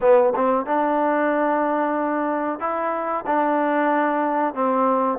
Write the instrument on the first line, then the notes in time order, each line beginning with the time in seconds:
trombone
0.00 B3
0.35 C4
0.66 D4
2.59 E4
3.26 D4
4.54 C4